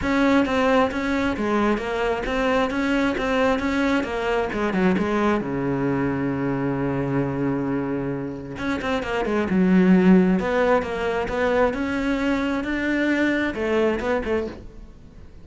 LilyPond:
\new Staff \with { instrumentName = "cello" } { \time 4/4 \tempo 4 = 133 cis'4 c'4 cis'4 gis4 | ais4 c'4 cis'4 c'4 | cis'4 ais4 gis8 fis8 gis4 | cis1~ |
cis2. cis'8 c'8 | ais8 gis8 fis2 b4 | ais4 b4 cis'2 | d'2 a4 b8 a8 | }